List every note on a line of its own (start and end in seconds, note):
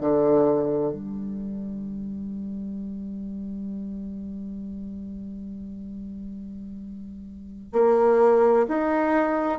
0.00 0.92 D3
0.92 7.72 G3
7.72 8.66 A#3
8.68 9.58 D#4